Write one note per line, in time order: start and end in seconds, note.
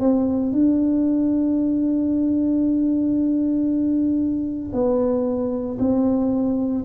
0.00 0.53 C4
0.53 4.73 D4
4.73 5.78 B3
5.79 6.84 C4